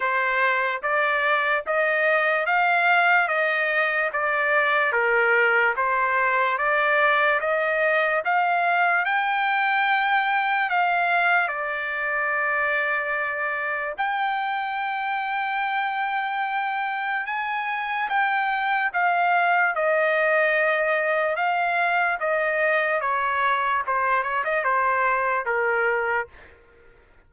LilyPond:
\new Staff \with { instrumentName = "trumpet" } { \time 4/4 \tempo 4 = 73 c''4 d''4 dis''4 f''4 | dis''4 d''4 ais'4 c''4 | d''4 dis''4 f''4 g''4~ | g''4 f''4 d''2~ |
d''4 g''2.~ | g''4 gis''4 g''4 f''4 | dis''2 f''4 dis''4 | cis''4 c''8 cis''16 dis''16 c''4 ais'4 | }